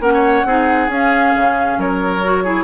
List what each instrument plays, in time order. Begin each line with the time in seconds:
0.00 bassoon A#3, clarinet C#4, oboe A#4, flute F#5
0.14 oboe C#5
0.45 bassoon C4, clarinet D#4, oboe G#4
0.89 bassoon C#4, clarinet C#4, flute F5
1.36 bassoon C#3
1.78 bassoon F#3, oboe A#4, flute C#5
2.24 clarinet F#4
2.44 clarinet E4, oboe G#4